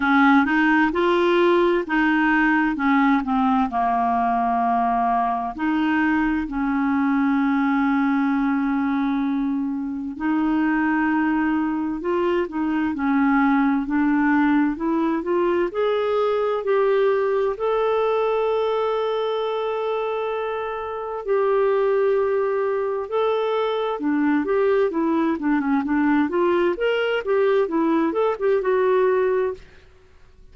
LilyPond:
\new Staff \with { instrumentName = "clarinet" } { \time 4/4 \tempo 4 = 65 cis'8 dis'8 f'4 dis'4 cis'8 c'8 | ais2 dis'4 cis'4~ | cis'2. dis'4~ | dis'4 f'8 dis'8 cis'4 d'4 |
e'8 f'8 gis'4 g'4 a'4~ | a'2. g'4~ | g'4 a'4 d'8 g'8 e'8 d'16 cis'16 | d'8 f'8 ais'8 g'8 e'8 a'16 g'16 fis'4 | }